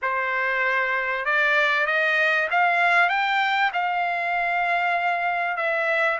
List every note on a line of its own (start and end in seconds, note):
0.01 1.25 C5
1.25 1.86 D5
1.86 2.48 D#5
2.50 3.09 F5
3.09 3.71 G5
3.73 5.56 F5
5.56 6.18 E5